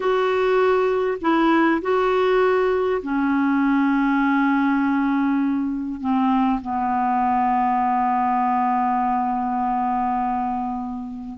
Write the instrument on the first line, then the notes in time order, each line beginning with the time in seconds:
clarinet
0.00 F#4
1.21 E4
1.81 F#4
3.02 C#4
6.00 C4
6.61 B3